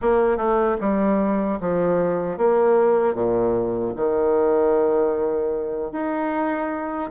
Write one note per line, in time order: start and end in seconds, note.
0.01 0.37 A#3
0.37 0.76 A3
0.80 1.59 G3
1.60 2.37 F3
2.37 3.14 A#3
3.14 3.93 A#2
3.95 5.91 D#3
5.91 7.10 D#4